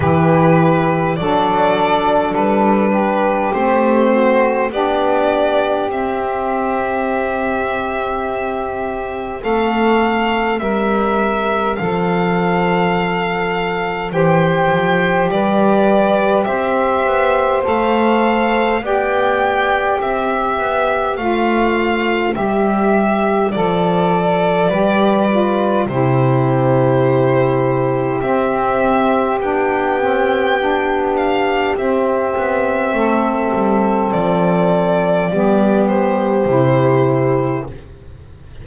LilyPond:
<<
  \new Staff \with { instrumentName = "violin" } { \time 4/4 \tempo 4 = 51 b'4 d''4 b'4 c''4 | d''4 e''2. | f''4 e''4 f''2 | g''4 d''4 e''4 f''4 |
g''4 e''4 f''4 e''4 | d''2 c''2 | e''4 g''4. f''8 e''4~ | e''4 d''4. c''4. | }
  \new Staff \with { instrumentName = "saxophone" } { \time 4/4 g'4 a'4. g'4 fis'8 | g'1 | a'4 ais'4 a'2 | c''4 b'4 c''2 |
d''4 c''2.~ | c''4 b'4 g'2~ | g'1 | a'2 g'2 | }
  \new Staff \with { instrumentName = "saxophone" } { \time 4/4 e'4 d'2 c'4 | d'4 c'2.~ | c'1 | g'2. a'4 |
g'2 f'4 g'4 | a'4 g'8 f'8 e'2 | c'4 d'8 c'8 d'4 c'4~ | c'2 b4 e'4 | }
  \new Staff \with { instrumentName = "double bass" } { \time 4/4 e4 fis4 g4 a4 | b4 c'2. | a4 g4 f2 | e8 f8 g4 c'8 b8 a4 |
b4 c'8 b8 a4 g4 | f4 g4 c2 | c'4 b2 c'8 b8 | a8 g8 f4 g4 c4 | }
>>